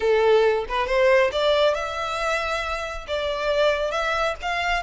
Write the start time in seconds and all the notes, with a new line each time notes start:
0.00 A4
0.68 B4
0.87 C5
1.31 D5
1.74 E5
3.07 D5
3.91 E5
4.42 F5